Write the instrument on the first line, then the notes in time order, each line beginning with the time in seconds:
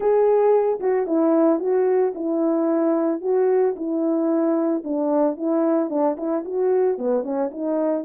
horn
0.00 G#4
0.80 F#4
1.07 E4
1.59 F#4
2.14 E4
3.21 F#4
3.76 E4
4.84 D4
5.36 E4
5.89 D4
6.17 E4
6.44 F#4
6.97 B3
7.23 C#4
7.51 D#4